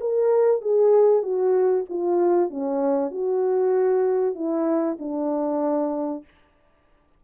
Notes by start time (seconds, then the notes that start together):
0.00 A#4
0.61 G#4
1.22 F#4
1.89 F4
2.50 C#4
3.11 F#4
4.35 E4
4.99 D4